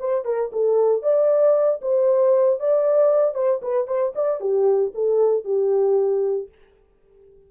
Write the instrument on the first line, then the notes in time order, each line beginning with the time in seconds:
horn
0.00 C5
0.25 A#4
0.53 A4
1.02 D5
1.82 C5
2.60 D5
3.35 C5
3.62 B4
3.88 C5
4.15 D5
4.41 G4
4.94 A4
5.45 G4